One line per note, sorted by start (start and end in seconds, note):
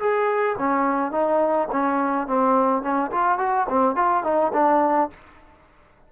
0.00 0.57 G#4
0.59 1.12 C#4
1.12 1.69 D#4
1.72 2.28 C#4
2.28 2.83 C4
2.83 3.11 C#4
3.12 3.39 F4
3.39 3.67 F#4
3.70 3.96 C4
3.96 4.24 F4
4.24 4.52 D#4
4.54 5.10 D4